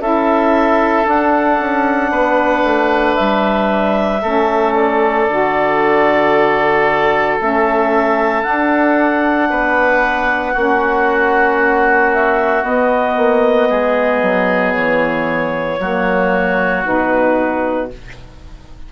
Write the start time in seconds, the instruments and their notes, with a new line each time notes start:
0.00 bassoon C#4, saxophone E4, oboe A4, clarinet E5
1.03 saxophone D4, bassoon D4, clarinet F#5
1.59 bassoon C#4
2.11 bassoon B3, oboe B4
2.64 bassoon A3
3.15 bassoon G3, clarinet E5
4.22 bassoon A3, saxophone C#4, oboe A4
4.74 clarinet D5
5.28 bassoon D3, saxophone F#4
7.39 bassoon A3, saxophone C#4, clarinet E5
8.43 saxophone D4, bassoon D4, clarinet F#5
9.50 bassoon B3, oboe B4
10.53 bassoon A#3, saxophone C#4, oboe F#4
12.13 clarinet E5
12.62 saxophone B3, bassoon B3, clarinet D#5
13.17 bassoon A#3
13.69 bassoon G#3, oboe G#4
14.22 bassoon F#3
14.73 bassoon E3, clarinet C#5
15.79 bassoon F#3, saxophone A#3, oboe F#4
16.84 bassoon B2, saxophone D#4, clarinet B4